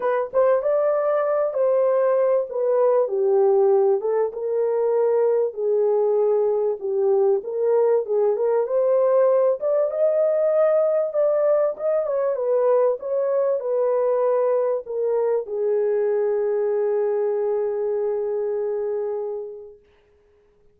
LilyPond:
\new Staff \with { instrumentName = "horn" } { \time 4/4 \tempo 4 = 97 b'8 c''8 d''4. c''4. | b'4 g'4. a'8 ais'4~ | ais'4 gis'2 g'4 | ais'4 gis'8 ais'8 c''4. d''8 |
dis''2 d''4 dis''8 cis''8 | b'4 cis''4 b'2 | ais'4 gis'2.~ | gis'1 | }